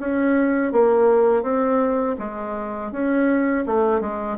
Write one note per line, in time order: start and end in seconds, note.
0.00 0.73 C#4
0.73 1.43 A#3
1.43 2.16 C4
2.19 2.92 G#3
2.92 3.66 C#4
3.67 4.01 A3
4.01 4.38 G#3